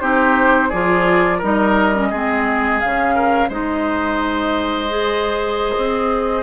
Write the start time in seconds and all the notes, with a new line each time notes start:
0.00 C4 D#4 G4 C5
0.68 F3 F4 G#4 D5
1.38 G3 D#4 A#4 D#5
1.94 C#4
2.10 G#3 C4 G#4
2.80 C#3 C#4 F5
3.15 A#4
3.48 G#3 D#4 C5 D#5
4.89 G#4
5.76 C4